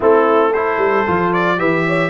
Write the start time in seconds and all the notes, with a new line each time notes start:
0.00 A3 C4 E4 A4
0.51 E4 A4 C5
0.77 G3
1.06 F3 F4
1.33 D5
1.57 E3 G4 B4 E5
1.87 C#5